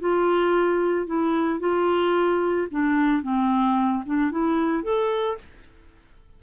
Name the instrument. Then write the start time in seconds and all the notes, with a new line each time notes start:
clarinet
0.00 F4
1.06 E4
1.59 F4
2.71 D4
3.22 C4
4.06 D4
4.31 E4
4.83 A4